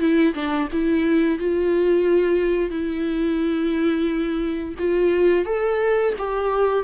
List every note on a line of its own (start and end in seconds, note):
0.00 0.34 E4
0.34 0.68 D4
0.73 1.39 E4
1.39 2.71 F4
2.71 4.75 E4
4.79 5.45 F4
5.45 6.14 A4
6.18 6.84 G4